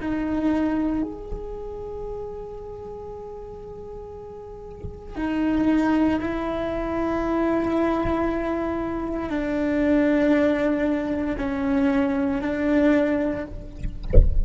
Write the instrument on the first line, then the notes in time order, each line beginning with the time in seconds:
cello
0.00 D#4
1.02 G#4
5.16 D#4
6.20 E4
9.29 D4
11.38 C#4
12.41 D4